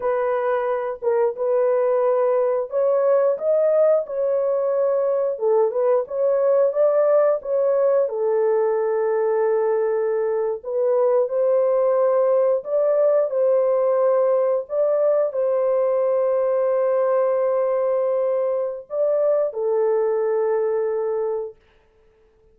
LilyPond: \new Staff \with { instrumentName = "horn" } { \time 4/4 \tempo 4 = 89 b'4. ais'8 b'2 | cis''4 dis''4 cis''2 | a'8 b'8 cis''4 d''4 cis''4 | a'2.~ a'8. b'16~ |
b'8. c''2 d''4 c''16~ | c''4.~ c''16 d''4 c''4~ c''16~ | c''1 | d''4 a'2. | }